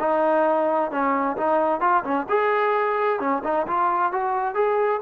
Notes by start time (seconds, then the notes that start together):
0.00 D#4
0.91 C#4
1.37 D#4
1.80 F4
2.04 C#4
2.29 G#4
3.20 C#4
3.44 D#4
3.67 F4
4.12 F#4
4.55 G#4